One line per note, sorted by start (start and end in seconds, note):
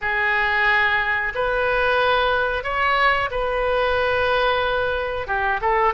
0.01 1.33 G#4
1.35 2.63 B4
2.63 3.29 C#5
3.31 5.27 B4
5.27 5.60 G4
5.61 5.93 A4